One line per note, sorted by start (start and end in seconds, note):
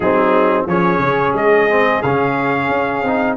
0.00 0.64 F#3
0.00 0.68 C4
0.00 0.67 D#4
0.00 0.65 G#4
0.66 0.99 F3
0.66 1.69 C#4
0.66 3.37 G#4
0.66 1.35 C#5
0.99 1.32 C#3
1.33 2.00 G#3
1.33 2.02 D#5
1.69 2.03 C4
2.02 2.69 C#3
2.02 3.04 C#4
2.02 3.37 F5
2.69 3.02 C#4
3.03 3.36 C4
3.03 3.37 D#4